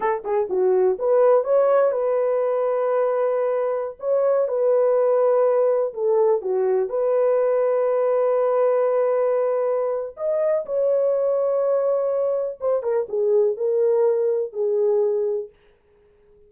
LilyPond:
\new Staff \with { instrumentName = "horn" } { \time 4/4 \tempo 4 = 124 a'8 gis'8 fis'4 b'4 cis''4 | b'1~ | b'16 cis''4 b'2~ b'8.~ | b'16 a'4 fis'4 b'4.~ b'16~ |
b'1~ | b'4 dis''4 cis''2~ | cis''2 c''8 ais'8 gis'4 | ais'2 gis'2 | }